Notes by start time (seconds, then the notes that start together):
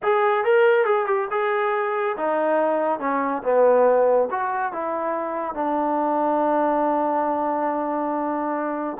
0.03 G#4
0.44 A#4
0.85 G#4
1.06 G4
1.30 G#4
2.17 D#4
2.99 C#4
3.42 B3
4.31 F#4
4.72 E4
5.54 D4